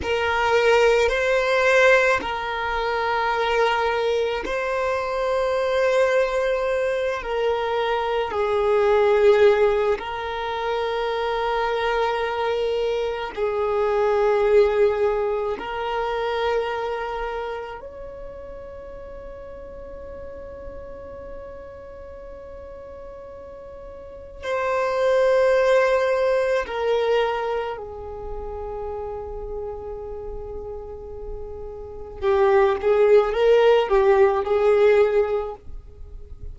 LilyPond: \new Staff \with { instrumentName = "violin" } { \time 4/4 \tempo 4 = 54 ais'4 c''4 ais'2 | c''2~ c''8 ais'4 gis'8~ | gis'4 ais'2. | gis'2 ais'2 |
cis''1~ | cis''2 c''2 | ais'4 gis'2.~ | gis'4 g'8 gis'8 ais'8 g'8 gis'4 | }